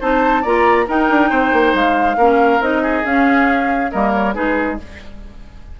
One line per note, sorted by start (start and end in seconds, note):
0.00 0.44 C4
0.00 0.44 D#4
0.00 0.42 C5
0.00 0.44 A5
0.42 0.87 A#3
0.42 0.86 F4
0.42 0.85 D5
0.42 0.87 A#5
0.86 2.16 D#4
0.86 1.09 D#4
0.86 1.29 A#4
0.86 1.75 G5
1.10 1.31 D4
1.29 1.52 C4
1.29 2.16 C5
1.52 1.74 A#3
1.74 2.16 G#3
1.74 2.62 F5
2.16 2.60 A#3
2.16 2.61 C#4
2.16 2.82 A#4
2.60 3.03 C4
2.60 3.04 D#4
2.60 3.05 D#5
2.82 3.90 G#4
3.05 3.91 C#4
3.05 3.92 C#4
3.05 3.91 F5
3.91 4.36 G3
3.91 4.34 A#3
3.91 4.34 A#4
3.91 4.12 D#5
4.13 4.34 C#5
4.34 4.80 G#3
4.34 4.77 D#4
4.34 4.78 G#4
4.34 4.78 B4